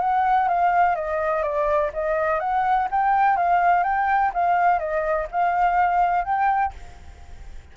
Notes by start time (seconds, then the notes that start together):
0.00 F#5
0.48 F5
0.95 D#5
1.42 D5
1.93 D#5
2.39 F#5
2.91 G5
3.36 F5
3.83 G5
4.34 F5
4.79 D#5
5.31 F5
6.24 G5